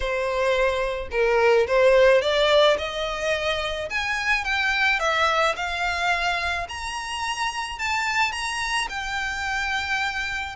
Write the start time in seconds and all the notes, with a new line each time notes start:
0.00 C5
1.11 A#4
1.67 C5
2.21 D5
2.78 D#5
3.89 G#5
4.44 G5
4.99 E5
5.56 F5
6.68 A#5
7.79 A5
8.32 A#5
8.89 G5